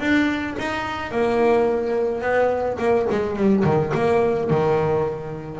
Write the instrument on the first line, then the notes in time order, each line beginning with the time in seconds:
double bass
0.00 D4
0.58 D#4
1.11 A#3
2.21 B3
2.79 A#3
3.10 G#3
3.36 G3
3.64 D#3
3.94 A#3
4.50 D#3